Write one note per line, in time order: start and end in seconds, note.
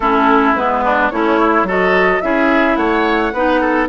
0.00 0.54 A3
0.00 0.56 C#4
0.00 0.84 E4
0.00 0.54 A4
0.55 1.11 G#3
0.55 1.11 B3
0.55 1.10 B4
0.84 1.12 D4
1.10 1.63 A3
1.10 1.39 C#4
1.10 1.67 E4
1.10 1.65 C#5
1.39 1.67 E4
1.63 2.18 F#3
1.63 2.21 F#4
1.63 2.22 A4
1.69 2.20 D#5
2.20 2.76 C#4
2.20 3.32 E4
2.20 2.77 G#4
2.20 2.76 E5
2.76 3.32 A3
2.76 3.33 C#5
2.76 3.87 F#5
3.32 3.88 B3
3.32 3.88 D#4
3.32 3.60 B4
3.60 3.88 A4